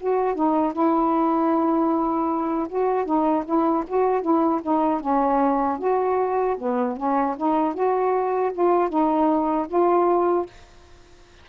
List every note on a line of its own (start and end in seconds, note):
0.00 0.35 F#4
0.35 0.73 D#4
0.73 2.68 E4
2.69 3.05 F#4
3.05 3.44 D#4
3.45 3.84 E4
3.87 4.22 F#4
4.22 4.61 E4
4.63 5.00 D#4
5.00 5.78 C#4
5.79 6.57 F#4
6.58 6.97 B3
6.97 7.36 C#4
7.37 7.74 D#4
7.74 8.52 F#4
8.53 8.89 F4
8.89 9.67 D#4
9.68 10.46 F4